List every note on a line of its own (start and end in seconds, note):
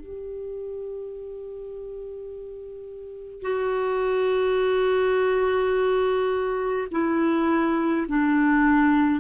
0.00 3.42 G4
3.42 6.88 F#4
6.91 8.07 E4
8.08 9.20 D4